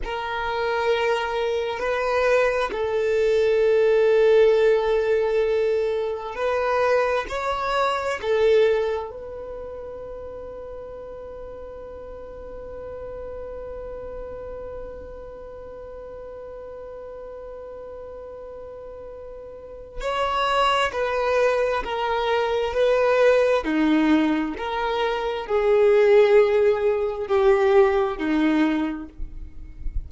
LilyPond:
\new Staff \with { instrumentName = "violin" } { \time 4/4 \tempo 4 = 66 ais'2 b'4 a'4~ | a'2. b'4 | cis''4 a'4 b'2~ | b'1~ |
b'1~ | b'2 cis''4 b'4 | ais'4 b'4 dis'4 ais'4 | gis'2 g'4 dis'4 | }